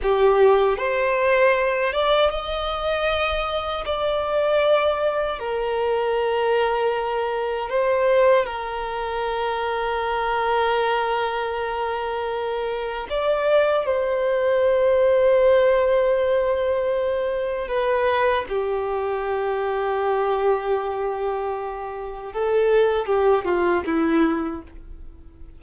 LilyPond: \new Staff \with { instrumentName = "violin" } { \time 4/4 \tempo 4 = 78 g'4 c''4. d''8 dis''4~ | dis''4 d''2 ais'4~ | ais'2 c''4 ais'4~ | ais'1~ |
ais'4 d''4 c''2~ | c''2. b'4 | g'1~ | g'4 a'4 g'8 f'8 e'4 | }